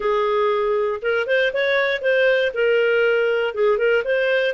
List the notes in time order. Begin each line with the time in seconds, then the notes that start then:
0.00 G#4
1.02 A#4
1.26 C5
1.53 C#5
2.01 C5
2.53 A#4
3.54 G#4
3.77 A#4
4.04 C5